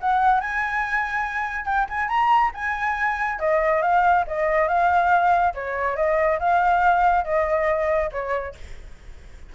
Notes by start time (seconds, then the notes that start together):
0.00 F#5
0.40 G#5
1.65 G5
1.89 G#5
2.08 A#5
2.53 G#5
3.39 D#5
3.82 F5
4.27 D#5
4.68 F5
5.54 C#5
5.96 D#5
6.39 F5
7.24 D#5
8.12 C#5